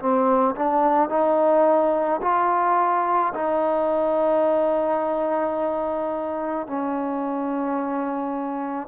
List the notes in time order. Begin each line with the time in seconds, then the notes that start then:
0.00 C4
0.56 D4
1.10 D#4
2.22 F4
3.35 D#4
6.68 C#4